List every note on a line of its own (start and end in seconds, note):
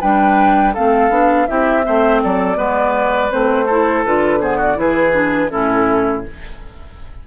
0.00 0.75 G3
0.00 0.74 D4
0.00 0.73 B4
0.00 0.74 G5
0.73 1.09 A3
0.73 1.10 C4
0.73 1.46 A4
0.73 1.47 F5
1.09 1.46 B3
1.09 1.47 D4
1.47 1.87 C4
1.47 1.83 E4
1.47 1.85 G4
1.47 2.20 E5
1.83 2.24 A3
1.83 2.56 C4
1.83 2.22 C5
2.22 2.56 F#3
2.22 2.57 A4
2.22 3.31 D5
2.56 3.29 G#3
2.56 3.29 B3
2.56 3.65 B4
3.30 4.05 A3
3.30 3.66 C4
3.30 4.04 C5
3.65 4.05 E4
3.65 4.38 A4
4.04 4.77 D3
4.04 4.40 F4
4.04 4.41 B4
4.40 4.75 B3
4.40 4.57 G#4
4.40 4.59 C5
4.57 4.75 F#4
4.57 4.79 D5
4.75 5.50 E3
4.75 5.11 E4
4.75 5.51 G#4
4.75 5.50 B4
5.12 5.49 D4
5.50 6.26 A2
5.50 6.23 C#4
5.50 6.24 E4
5.50 6.23 A4